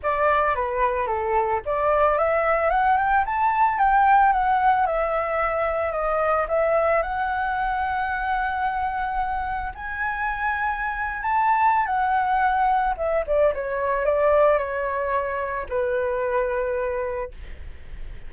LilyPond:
\new Staff \with { instrumentName = "flute" } { \time 4/4 \tempo 4 = 111 d''4 b'4 a'4 d''4 | e''4 fis''8 g''8 a''4 g''4 | fis''4 e''2 dis''4 | e''4 fis''2.~ |
fis''2 gis''2~ | gis''8. a''4~ a''16 fis''2 | e''8 d''8 cis''4 d''4 cis''4~ | cis''4 b'2. | }